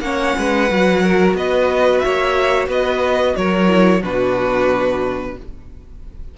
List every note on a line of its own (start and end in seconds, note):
0.00 0.33 A#3
0.00 0.68 C#4
0.00 0.37 C#5
0.00 1.33 F#5
0.38 0.70 G#3
0.38 1.03 B4
0.68 1.34 F#3
0.68 3.67 F#4
1.03 1.36 A#4
1.34 2.00 B3
1.34 2.05 B4
1.34 1.99 D#5
1.99 2.68 C#5
1.99 2.66 E5
2.05 2.67 A#3
2.67 3.34 B3
2.67 3.34 B4
2.67 3.36 D#5
3.36 4.03 F#3
3.36 4.01 A#4
3.36 4.02 C#5
3.67 4.00 E4
4.01 5.37 B2
4.01 5.36 D4
4.01 5.34 F#4
4.01 5.37 B4